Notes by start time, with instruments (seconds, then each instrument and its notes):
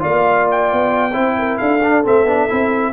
0.00 tuba A#3, trombone F4, horn D5, trumpet F5
0.51 trumpet G5
0.73 tuba B3
1.12 tuba C4, trombone E4, horn C5
1.39 horn A#4
1.58 tuba D4, horn A4, trumpet F5
1.84 trombone D4
2.04 tuba A3, trombone C4, trumpet E5
2.25 tuba B3, trombone D4
2.49 tuba C4, trombone E4